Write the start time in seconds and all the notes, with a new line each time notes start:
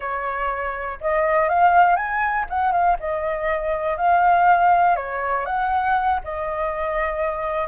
0.00 C#5
1.00 D#5
1.48 F5
1.96 G#5
2.49 F#5
2.72 F5
2.99 D#5
3.97 F5
4.95 C#5
5.45 F#5
6.23 D#5